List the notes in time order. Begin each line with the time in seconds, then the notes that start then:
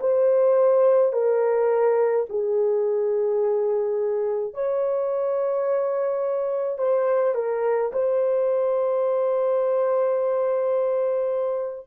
0.00 C5
1.12 A#4
2.29 G#4
4.53 C#5
6.78 C5
7.34 A#4
7.92 C5